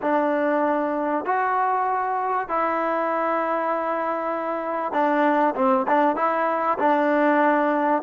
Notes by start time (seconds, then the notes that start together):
0.01 D4
1.25 F#4
2.48 E4
4.92 D4
5.55 C4
5.87 D4
6.15 E4
6.78 D4